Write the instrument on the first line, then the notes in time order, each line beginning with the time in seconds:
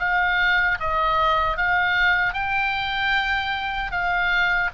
oboe
0.00 F5
0.80 D#5
1.58 F5
2.34 G5
3.92 F5